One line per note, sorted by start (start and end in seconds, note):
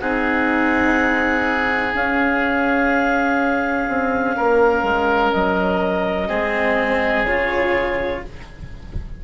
0.00 1.94 C4
0.00 1.95 D#4
0.00 4.36 G#4
0.00 1.94 F#5
1.95 3.88 C#4
1.95 6.29 C#4
1.95 5.32 F5
3.88 4.36 C4
4.36 4.83 A#3
4.36 6.28 A#4
4.83 5.31 G#3
5.32 6.30 F#3
5.32 7.25 D#5
6.28 7.24 G#3
6.28 7.26 C4
6.28 8.22 G#4
7.24 8.20 C#3
7.24 8.24 F4
7.24 8.22 C#5